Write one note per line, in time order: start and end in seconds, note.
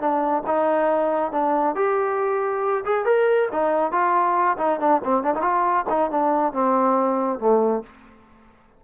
0.00 0.43 D4
0.47 1.32 D#4
1.32 1.76 D4
1.76 2.84 G4
2.85 3.06 G#4
3.06 3.49 A#4
3.52 3.92 D#4
3.92 4.58 F4
4.58 4.80 D#4
4.80 5.02 D4
5.04 5.24 C4
5.24 5.35 D4
5.35 5.42 D#4
5.42 5.85 F4
5.90 6.11 D#4
6.11 6.53 D4
6.53 7.40 C4
7.40 7.83 A3